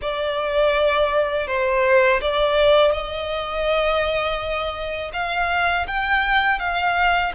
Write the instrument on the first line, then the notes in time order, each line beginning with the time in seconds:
violin
0.01 D5
1.47 C5
2.21 D5
2.91 D#5
5.13 F5
5.87 G5
6.59 F5